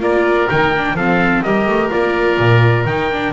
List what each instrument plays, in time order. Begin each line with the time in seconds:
0.00 double bass A#3, viola F4, oboe A#4, trumpet D5
0.50 double bass D#3, viola D#4, trumpet G5
0.77 viola D4
0.94 double bass F3, viola C4, oboe A4, trumpet F5
1.43 double bass G3, viola G4, oboe A#4, trumpet D#5
1.66 double bass A3
1.91 double bass A#3, viola F4, trumpet D5
2.39 double bass A#2
2.85 double bass D#3, viola D#4, trumpet G5
3.12 viola D4